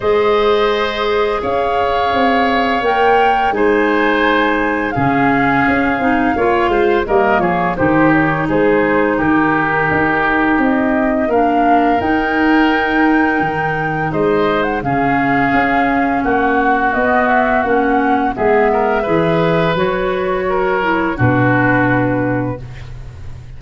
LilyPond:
<<
  \new Staff \with { instrumentName = "flute" } { \time 4/4 \tempo 4 = 85 dis''2 f''2 | g''4 gis''2 f''4~ | f''2 dis''8 cis''8 c''8 cis''8 | c''4 ais'2 dis''4 |
f''4 g''2. | dis''8. fis''16 f''2 fis''4 | dis''8 e''8 fis''4 e''2 | cis''2 b'2 | }
  \new Staff \with { instrumentName = "oboe" } { \time 4/4 c''2 cis''2~ | cis''4 c''2 gis'4~ | gis'4 cis''8 c''8 ais'8 gis'8 g'4 | gis'4 g'2. |
ais'1 | c''4 gis'2 fis'4~ | fis'2 gis'8 ais'8 b'4~ | b'4 ais'4 fis'2 | }
  \new Staff \with { instrumentName = "clarinet" } { \time 4/4 gis'1 | ais'4 dis'2 cis'4~ | cis'8 dis'8 f'4 ais4 dis'4~ | dis'1 |
d'4 dis'2.~ | dis'4 cis'2. | b4 cis'4 b4 gis'4 | fis'4. e'8 d'2 | }
  \new Staff \with { instrumentName = "tuba" } { \time 4/4 gis2 cis'4 c'4 | ais4 gis2 cis4 | cis'8 c'8 ais8 gis8 g8 f8 dis4 | gis4 dis4 dis'4 c'4 |
ais4 dis'2 dis4 | gis4 cis4 cis'4 ais4 | b4 ais4 gis4 e4 | fis2 b,2 | }
>>